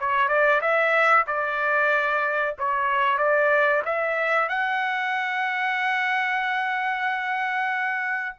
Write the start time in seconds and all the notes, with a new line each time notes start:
0.00 C#5
0.29 D5
0.61 E5
1.27 D5
2.59 C#5
3.18 D5
3.86 E5
4.49 F#5